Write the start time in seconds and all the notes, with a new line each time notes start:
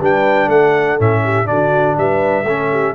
0.00 G3 D4 B4 G5
0.48 A3 A4 F#5
0.99 A2 C#4 E5
1.24 G4
1.46 D3 D4 F#4 D5
1.98 G3 B4 E5
2.44 A3 C#4 A4
2.71 G4